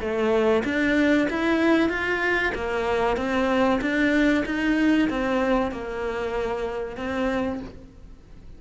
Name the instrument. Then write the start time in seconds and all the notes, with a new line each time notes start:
cello
0.00 A3
0.65 D4
1.30 E4
1.89 F4
2.55 A#3
3.17 C4
3.81 D4
4.46 D#4
5.10 C4
5.71 A#3
6.97 C4